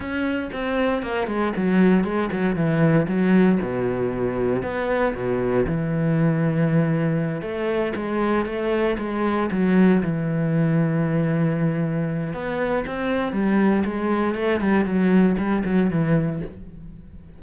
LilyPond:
\new Staff \with { instrumentName = "cello" } { \time 4/4 \tempo 4 = 117 cis'4 c'4 ais8 gis8 fis4 | gis8 fis8 e4 fis4 b,4~ | b,4 b4 b,4 e4~ | e2~ e8 a4 gis8~ |
gis8 a4 gis4 fis4 e8~ | e1 | b4 c'4 g4 gis4 | a8 g8 fis4 g8 fis8 e4 | }